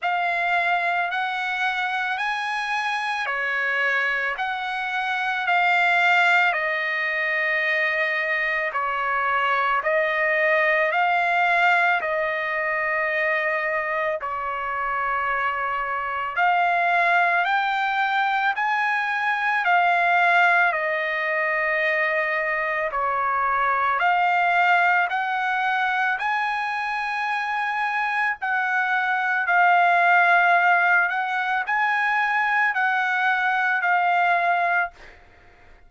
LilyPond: \new Staff \with { instrumentName = "trumpet" } { \time 4/4 \tempo 4 = 55 f''4 fis''4 gis''4 cis''4 | fis''4 f''4 dis''2 | cis''4 dis''4 f''4 dis''4~ | dis''4 cis''2 f''4 |
g''4 gis''4 f''4 dis''4~ | dis''4 cis''4 f''4 fis''4 | gis''2 fis''4 f''4~ | f''8 fis''8 gis''4 fis''4 f''4 | }